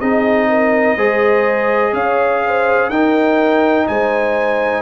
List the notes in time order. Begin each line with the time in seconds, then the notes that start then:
0.00 C4 D#4 G#4 D#5
0.49 A#4
0.96 G#3 G#4 C5
1.93 C#4 C#5 F5
2.45 C5
2.89 D#4 A#4 G5
3.88 G#3 C5 G#5